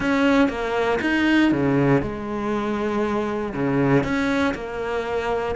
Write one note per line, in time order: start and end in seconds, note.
0.00 0.48 C#4
0.48 0.99 A#3
1.01 1.51 D#4
1.51 2.01 C#3
2.02 3.53 G#3
3.53 4.03 C#3
4.03 4.54 C#4
4.54 5.55 A#3